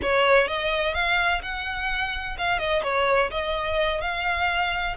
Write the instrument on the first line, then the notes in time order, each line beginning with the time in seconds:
violin
0.02 C#5
0.47 D#5
0.94 F5
1.42 F#5
2.38 F5
2.58 D#5
2.83 C#5
3.30 D#5
4.01 F5